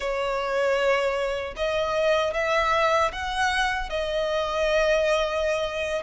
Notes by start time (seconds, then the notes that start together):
0.00 C#5
1.56 D#5
2.33 E5
3.12 F#5
3.89 D#5